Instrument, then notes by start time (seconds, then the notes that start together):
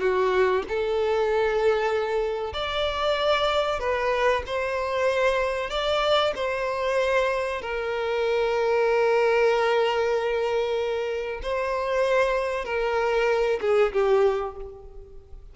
violin
0.00 F#4
0.68 A4
2.53 D5
3.80 B4
4.46 C5
5.70 D5
6.35 C5
7.61 A#4
11.42 C5
12.65 A#4
13.61 G#4
13.92 G4